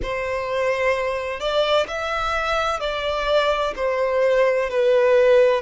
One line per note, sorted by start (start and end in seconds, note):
0.02 1.39 C5
1.39 1.86 D5
1.87 2.80 E5
2.80 3.73 D5
3.76 4.70 C5
4.70 5.61 B4